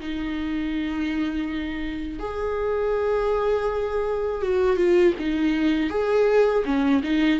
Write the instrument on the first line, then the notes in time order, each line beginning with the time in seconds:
viola
0.00 D#4
2.20 G#4
4.42 F#4
4.76 F4
5.19 D#4
5.90 G#4
6.65 C#4
7.03 D#4